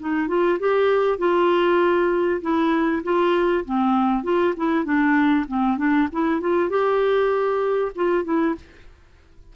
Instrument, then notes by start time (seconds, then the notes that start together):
clarinet
0.00 D#4
0.28 F4
0.60 G4
1.19 F4
2.42 E4
3.04 F4
3.65 C4
4.24 F4
4.57 E4
4.85 D4
5.48 C4
5.78 D4
6.13 E4
6.41 F4
6.70 G4
7.96 F4
8.25 E4